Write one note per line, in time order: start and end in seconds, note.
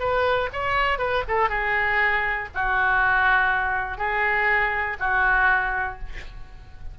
0.00 0.50 B4
0.53 0.99 C#5
0.99 1.24 B4
1.28 1.49 A4
1.49 2.49 G#4
2.55 3.98 F#4
3.98 4.97 G#4
5.00 5.99 F#4